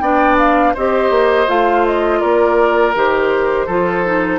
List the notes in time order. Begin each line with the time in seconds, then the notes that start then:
0.00 B3 D4 D5 G5
0.39 F5
0.74 C4 G4 C5 D#5
1.10 A#3
1.48 A3 F4 F5
1.86 D#5
2.20 A#3 A#4 D5
2.95 D#3 G4 C5
3.66 F3 F4 A4
4.05 D#4